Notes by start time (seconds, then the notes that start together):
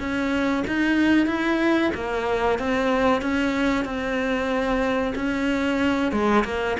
0.00 C#4
0.67 D#4
1.27 E4
1.95 A#3
2.59 C4
3.22 C#4
3.85 C4
5.16 C#4
6.12 G#3
6.45 A#3